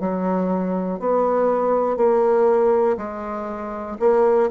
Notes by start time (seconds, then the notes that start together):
0.00 F#3
1.00 B3
1.97 A#3
2.97 G#3
4.00 A#3